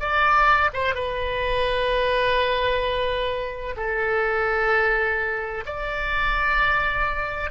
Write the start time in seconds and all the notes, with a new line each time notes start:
0.00 D5
0.74 C5
0.95 B4
3.77 A4
5.66 D5